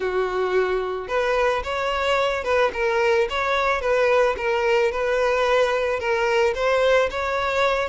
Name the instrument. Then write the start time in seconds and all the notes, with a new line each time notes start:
violin
0.00 F#4
1.08 B4
1.63 C#5
2.44 B4
2.73 A#4
3.29 C#5
3.81 B4
4.37 A#4
4.91 B4
5.99 A#4
6.55 C5
7.10 C#5